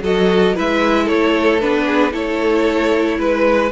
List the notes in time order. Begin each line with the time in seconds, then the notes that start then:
0.00 F#3 F#4 A4 D#5
0.55 G#3 E4 B4 E5
1.04 A4 C#5
1.11 A3
1.60 B3 D4 B4
1.86 G#4
2.11 A3 E4 A4 C#5
3.18 G#3 B4